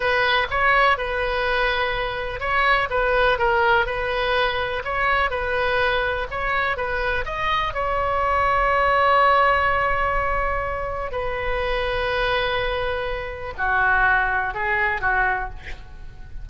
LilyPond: \new Staff \with { instrumentName = "oboe" } { \time 4/4 \tempo 4 = 124 b'4 cis''4 b'2~ | b'4 cis''4 b'4 ais'4 | b'2 cis''4 b'4~ | b'4 cis''4 b'4 dis''4 |
cis''1~ | cis''2. b'4~ | b'1 | fis'2 gis'4 fis'4 | }